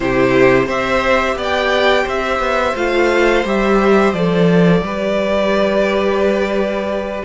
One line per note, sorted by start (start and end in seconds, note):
0.00 0.68 C3
0.00 0.68 E4
0.00 0.66 G4
0.00 0.68 C5
0.66 1.35 C4
0.66 2.75 G4
0.66 1.34 C5
0.66 1.38 E5
1.35 2.04 B3
1.35 2.03 D5
1.42 2.08 G5
2.03 2.39 C4
2.03 4.79 C5
2.03 2.75 E5
2.39 2.73 B3
2.75 3.44 A3
2.75 3.44 F4
2.75 3.44 F5
3.44 4.13 G3
3.44 4.14 G4
3.44 4.13 E5
4.13 4.81 F3
4.13 4.84 A4
4.13 7.23 D5
4.81 7.23 G3
4.81 7.24 G4
4.81 7.24 B4